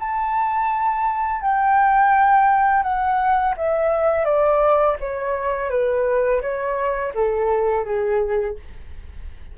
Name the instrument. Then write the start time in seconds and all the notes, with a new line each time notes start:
flute
0.00 A5
1.42 G5
2.83 F#5
3.57 E5
4.25 D5
5.00 C#5
5.70 B4
6.42 C#5
7.15 A4
7.85 G#4